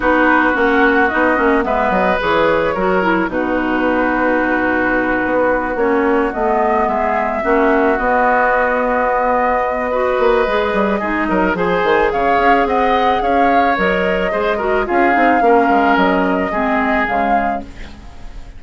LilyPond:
<<
  \new Staff \with { instrumentName = "flute" } { \time 4/4 \tempo 4 = 109 b'4 fis''4 dis''4 e''8 dis''8 | cis''2 b'2~ | b'2~ b'8 cis''4 dis''8~ | dis''8 e''2 dis''4.~ |
dis''1~ | dis''4 gis''4 f''4 fis''4 | f''4 dis''2 f''4~ | f''4 dis''2 f''4 | }
  \new Staff \with { instrumentName = "oboe" } { \time 4/4 fis'2. b'4~ | b'4 ais'4 fis'2~ | fis'1~ | fis'8 gis'4 fis'2~ fis'8~ |
fis'2 b'2 | gis'8 ais'8 c''4 cis''4 dis''4 | cis''2 c''8 ais'8 gis'4 | ais'2 gis'2 | }
  \new Staff \with { instrumentName = "clarinet" } { \time 4/4 dis'4 cis'4 dis'8 cis'8 b4 | gis'4 fis'8 e'8 dis'2~ | dis'2~ dis'8 cis'4 b8~ | b4. cis'4 b4.~ |
b2 fis'4 gis'4 | dis'4 gis'2.~ | gis'4 ais'4 gis'8 fis'8 f'8 dis'8 | cis'2 c'4 gis4 | }
  \new Staff \with { instrumentName = "bassoon" } { \time 4/4 b4 ais4 b8 ais8 gis8 fis8 | e4 fis4 b,2~ | b,4. b4 ais4 a8~ | a8 gis4 ais4 b4.~ |
b2~ b8 ais8 gis8 g8 | gis8 fis8 f8 dis8 cis8 cis'8 c'4 | cis'4 fis4 gis4 cis'8 c'8 | ais8 gis8 fis4 gis4 cis4 | }
>>